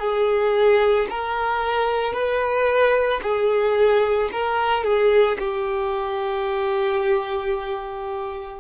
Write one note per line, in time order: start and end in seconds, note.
0.00 1.07 G#4
1.10 2.14 A#4
2.14 3.21 B4
3.23 4.30 G#4
4.32 4.84 A#4
4.84 5.38 G#4
5.39 8.60 G4